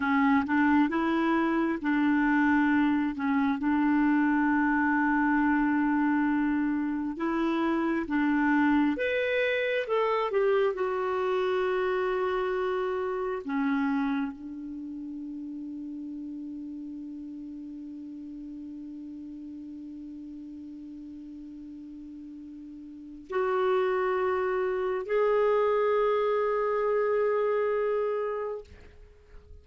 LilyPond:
\new Staff \with { instrumentName = "clarinet" } { \time 4/4 \tempo 4 = 67 cis'8 d'8 e'4 d'4. cis'8 | d'1 | e'4 d'4 b'4 a'8 g'8 | fis'2. cis'4 |
d'1~ | d'1~ | d'2 fis'2 | gis'1 | }